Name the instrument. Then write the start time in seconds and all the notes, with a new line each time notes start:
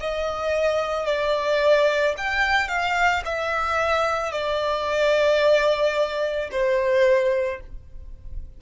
violin
0.00 D#5
1.06 D5
2.17 G5
2.68 F5
3.25 E5
4.31 D5
6.51 C5